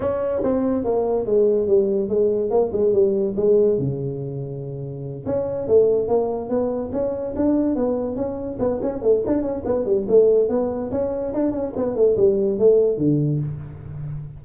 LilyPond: \new Staff \with { instrumentName = "tuba" } { \time 4/4 \tempo 4 = 143 cis'4 c'4 ais4 gis4 | g4 gis4 ais8 gis8 g4 | gis4 cis2.~ | cis8 cis'4 a4 ais4 b8~ |
b8 cis'4 d'4 b4 cis'8~ | cis'8 b8 cis'8 a8 d'8 cis'8 b8 g8 | a4 b4 cis'4 d'8 cis'8 | b8 a8 g4 a4 d4 | }